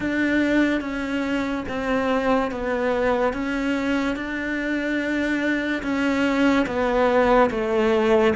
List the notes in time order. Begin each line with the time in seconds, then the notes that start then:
0.00 D4
0.81 C#4
1.68 C4
2.51 B3
3.33 C#4
4.16 D4
5.82 C#4
6.66 B3
7.50 A3